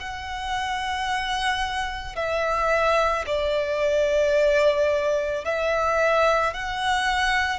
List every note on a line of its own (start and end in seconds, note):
0.00 2.16 F#5
2.16 3.25 E5
3.26 5.44 D5
5.45 6.54 E5
6.54 7.59 F#5